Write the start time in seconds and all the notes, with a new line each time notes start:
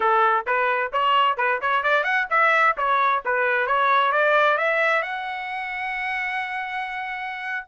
0.00 A4
0.46 B4
0.92 C#5
1.37 B4
1.61 C#5
1.83 D5
2.03 F#5
2.30 E5
2.77 C#5
3.25 B4
3.66 C#5
4.12 D5
4.57 E5
5.02 F#5